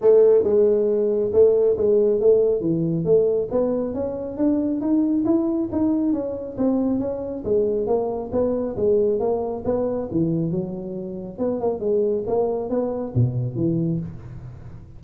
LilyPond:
\new Staff \with { instrumentName = "tuba" } { \time 4/4 \tempo 4 = 137 a4 gis2 a4 | gis4 a4 e4 a4 | b4 cis'4 d'4 dis'4 | e'4 dis'4 cis'4 c'4 |
cis'4 gis4 ais4 b4 | gis4 ais4 b4 e4 | fis2 b8 ais8 gis4 | ais4 b4 b,4 e4 | }